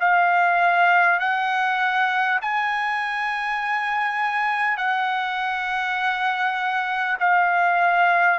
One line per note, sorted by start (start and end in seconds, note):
0.00 1.19 F5
1.19 2.39 F#5
2.42 4.77 G#5
4.77 7.17 F#5
7.19 8.39 F5